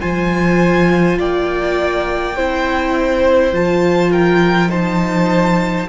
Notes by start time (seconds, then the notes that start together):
0.00 F3 F4 C5 G#5
1.19 A#3 D5 G5
2.36 C4 E4 C5
3.52 F3 F4 A5
4.11 A#4 G5
4.68 D#4 C5 A5